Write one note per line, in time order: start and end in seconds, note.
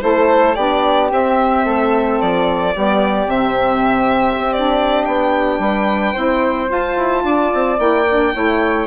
0.00 0.57 A3
0.00 0.55 E4
0.00 0.56 A4
0.00 0.55 C5
0.55 1.11 B3
0.55 1.10 D4
0.55 1.65 G4
0.55 1.09 D5
1.10 2.74 C4
1.10 1.66 C4
1.10 2.21 E5
1.65 2.20 A3
1.65 2.74 A4
2.21 2.76 F3
2.21 3.30 D5
2.74 3.27 G3
2.74 3.28 B3
2.74 5.61 G4
3.27 4.36 C3
3.27 4.50 C4
3.27 4.53 E5
4.38 5.06 C4
4.53 6.15 D4
4.53 5.05 D5
5.05 5.59 B3
5.05 6.69 G5
5.59 6.14 G3
5.59 6.13 B4
6.13 6.71 C4
6.13 6.67 E4
6.13 7.22 C5
6.67 7.76 F4
6.67 6.97 F4
6.67 7.80 A5
6.97 7.24 E4
7.24 7.51 D4
7.24 8.34 D5
7.54 7.79 C4
7.78 8.33 A#3
7.78 8.05 E4
7.78 8.87 G5
8.09 8.34 D4
8.34 8.87 A3
8.34 8.87 E4
8.34 8.87 C#5